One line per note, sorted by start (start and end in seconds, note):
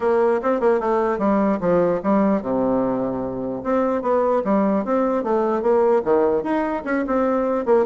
0.00 0.40 A#3
0.42 0.60 C4
0.60 0.80 A#3
0.80 1.18 A3
1.18 1.58 G3
1.60 2.00 F3
2.03 2.42 G3
2.42 3.62 C3
3.63 4.02 C4
4.02 4.42 B3
4.44 4.84 G3
4.84 5.23 C4
5.23 5.61 A3
5.61 6.02 A#3
6.04 6.43 D#3
6.43 6.83 D#4
6.85 7.05 C#4
7.06 7.65 C4
7.65 7.85 A#3